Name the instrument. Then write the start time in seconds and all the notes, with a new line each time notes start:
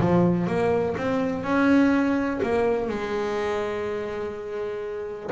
double bass
0.00 F3
0.47 A#3
0.98 C4
1.44 C#4
2.43 A#3
2.89 G#3